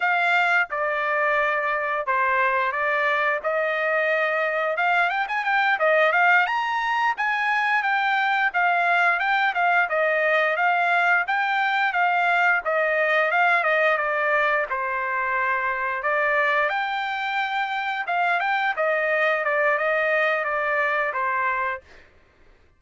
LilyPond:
\new Staff \with { instrumentName = "trumpet" } { \time 4/4 \tempo 4 = 88 f''4 d''2 c''4 | d''4 dis''2 f''8 g''16 gis''16 | g''8 dis''8 f''8 ais''4 gis''4 g''8~ | g''8 f''4 g''8 f''8 dis''4 f''8~ |
f''8 g''4 f''4 dis''4 f''8 | dis''8 d''4 c''2 d''8~ | d''8 g''2 f''8 g''8 dis''8~ | dis''8 d''8 dis''4 d''4 c''4 | }